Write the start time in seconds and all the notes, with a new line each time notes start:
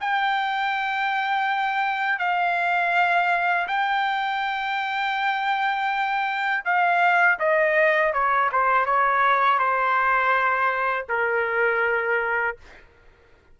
0.00 G5
2.19 F5
3.68 G5
6.64 F5
7.39 D#5
8.13 C#5
8.52 C5
8.85 C#5
9.59 C5
11.09 A#4